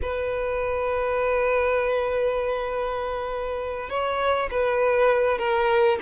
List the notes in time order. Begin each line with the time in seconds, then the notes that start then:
0.02 B4
3.89 C#5
4.50 B4
5.38 A#4